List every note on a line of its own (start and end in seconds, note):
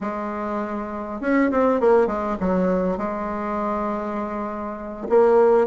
0.00 1.20 G#3
1.20 1.50 C#4
1.51 1.80 C4
1.80 2.06 A#3
2.06 2.36 G#3
2.40 2.97 F#3
2.97 5.07 G#3
5.09 5.67 A#3